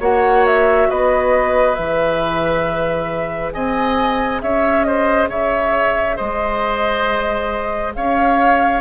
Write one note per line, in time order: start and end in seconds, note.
0.00 0.89 A#3
0.00 1.76 F#4
0.00 0.88 C#5
0.00 0.46 F#5
0.46 0.90 E5
0.90 1.78 B3
0.90 3.54 B4
0.90 1.75 D#5
1.75 3.55 E3
1.75 8.81 G#4
1.75 3.51 E5
3.53 4.42 C4
3.53 4.42 D#5
3.53 4.41 G#5
4.42 5.29 C#4
4.42 4.87 C#5
4.42 4.84 E5
4.84 5.30 C5
4.84 5.28 D#5
5.29 6.17 C#3
5.29 6.16 C#5
5.29 6.17 E5
6.16 7.97 G#3
6.16 7.93 C5
6.16 7.94 D#5
7.95 8.81 C#4
7.95 8.81 C#5
7.95 8.81 F5